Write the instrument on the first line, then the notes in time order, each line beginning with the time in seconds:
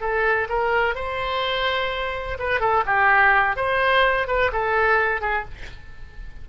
oboe
0.00 A4
0.49 A#4
0.95 C5
2.39 B4
2.60 A4
2.85 G4
3.56 C5
4.27 B4
4.52 A4
5.21 G#4